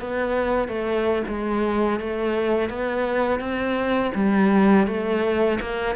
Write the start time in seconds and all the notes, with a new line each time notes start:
0.00 B3
0.68 A3
1.28 G#3
2.00 A3
2.69 B3
3.39 C4
4.15 G3
4.87 A3
5.60 A#3